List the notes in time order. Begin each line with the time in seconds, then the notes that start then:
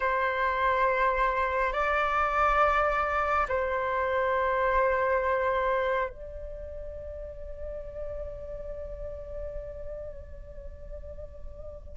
0.00 C5
1.72 D5
3.48 C5
6.09 D5